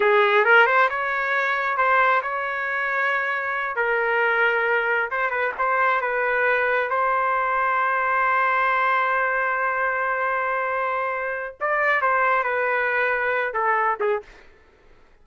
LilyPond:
\new Staff \with { instrumentName = "trumpet" } { \time 4/4 \tempo 4 = 135 gis'4 ais'8 c''8 cis''2 | c''4 cis''2.~ | cis''8 ais'2. c''8 | b'8 c''4 b'2 c''8~ |
c''1~ | c''1~ | c''2 d''4 c''4 | b'2~ b'8 a'4 gis'8 | }